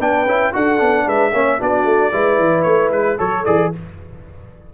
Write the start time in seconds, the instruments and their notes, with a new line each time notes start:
0.00 tuba B3, trombone D4, horn B4, trumpet G5
0.26 tuba C#4, trombone E4
0.53 tuba D4, trombone F#4, horn A4, trumpet F#5
0.79 tuba B3, trombone D4
1.05 tuba G#3, horn B4, trumpet E5
1.33 tuba A#3, trombone C#4, horn C#5
1.59 tuba B3, trombone D4, horn F#4, trumpet D5
1.85 tuba A3
2.12 tuba G#3, trombone E4, horn B4
2.39 tuba E3
2.63 tuba A3, trumpet C#5
2.92 tuba G#3, trumpet B4
3.18 tuba F#3, trombone A4, horn A4, trumpet C#5
3.45 tuba E3, trombone G#4, trumpet D5